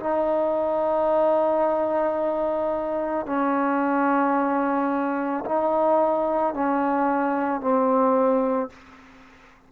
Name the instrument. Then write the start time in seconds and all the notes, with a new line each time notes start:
trombone
0.00 D#4
3.26 C#4
5.45 D#4
6.55 C#4
7.61 C4